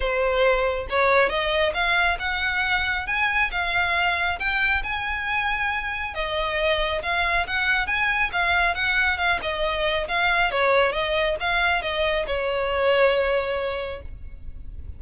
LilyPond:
\new Staff \with { instrumentName = "violin" } { \time 4/4 \tempo 4 = 137 c''2 cis''4 dis''4 | f''4 fis''2 gis''4 | f''2 g''4 gis''4~ | gis''2 dis''2 |
f''4 fis''4 gis''4 f''4 | fis''4 f''8 dis''4. f''4 | cis''4 dis''4 f''4 dis''4 | cis''1 | }